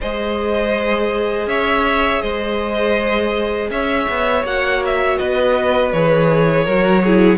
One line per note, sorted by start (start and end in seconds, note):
0.00 1.46 G#3
0.00 4.45 G#4
0.00 1.48 C5
0.00 1.48 D#5
1.46 2.20 C#4
1.46 2.21 C#5
1.46 2.21 E5
2.21 3.70 G#3
2.21 3.70 C5
2.21 3.70 D#5
3.70 4.07 C#4
3.70 5.19 C#5
3.70 4.44 E5
4.08 4.43 B3
4.43 5.17 A#3
4.43 5.93 F#4
4.43 4.83 F#5
4.85 5.18 E5
5.18 5.93 B3
5.18 6.64 B4
5.18 5.92 D#5
5.92 6.66 E3
5.92 6.68 G#4
5.92 7.38 C#5
6.64 7.38 F#3
6.64 7.05 F#4
6.64 7.01 A#4
7.03 7.38 E4
7.03 7.38 G#4